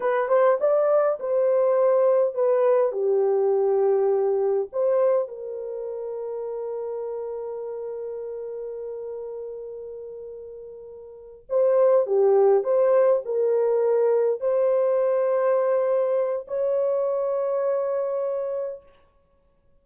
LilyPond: \new Staff \with { instrumentName = "horn" } { \time 4/4 \tempo 4 = 102 b'8 c''8 d''4 c''2 | b'4 g'2. | c''4 ais'2.~ | ais'1~ |
ais'2.~ ais'8 c''8~ | c''8 g'4 c''4 ais'4.~ | ais'8 c''2.~ c''8 | cis''1 | }